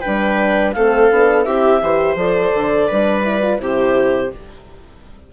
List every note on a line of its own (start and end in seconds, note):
0.00 0.76 D4
0.00 0.72 B4
0.00 0.71 G5
0.06 0.75 G3
0.72 1.10 A3
0.72 1.11 C4
0.72 1.46 A4
0.72 1.43 F5
1.10 1.46 B3
1.10 1.45 D4
1.43 1.81 C4
1.43 1.81 E4
1.43 1.81 G4
1.43 2.14 E5
1.82 2.15 E3
1.82 2.17 G4
1.82 2.87 C5
2.15 2.50 F3
2.15 2.88 A4
2.15 3.60 D5
2.54 2.90 D3
2.87 3.59 G3
2.87 3.22 D4
2.87 3.59 B4
3.22 3.40 E4
3.42 3.58 F4
3.58 4.31 C3
3.58 4.29 E4
3.58 4.33 G4
3.58 4.31 C5